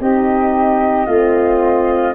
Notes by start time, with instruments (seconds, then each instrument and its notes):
0.00 tuba C4, horn D#4, flute G4 D#5
1.06 tuba A3, horn C4, flute F4